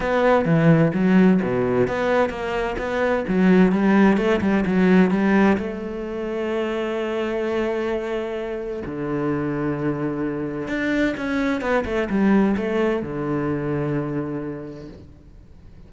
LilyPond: \new Staff \with { instrumentName = "cello" } { \time 4/4 \tempo 4 = 129 b4 e4 fis4 b,4 | b4 ais4 b4 fis4 | g4 a8 g8 fis4 g4 | a1~ |
a2. d4~ | d2. d'4 | cis'4 b8 a8 g4 a4 | d1 | }